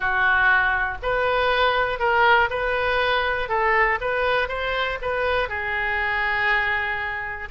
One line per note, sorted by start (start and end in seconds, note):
0.00 0.97 F#4
1.02 1.99 B4
1.99 2.49 A#4
2.50 3.49 B4
3.49 3.99 A4
4.00 4.48 B4
4.48 4.98 C5
5.01 5.49 B4
5.49 7.49 G#4